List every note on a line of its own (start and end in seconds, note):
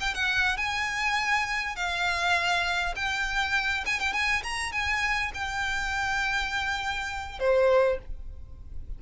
0.00 0.14 G5
0.14 0.57 F#5
0.57 1.76 G#5
1.76 2.94 F5
2.95 3.85 G5
3.86 4.00 G#5
4.00 4.13 G5
4.13 4.42 G#5
4.43 4.72 A#5
4.72 5.31 G#5
5.34 7.39 G5
7.39 7.98 C5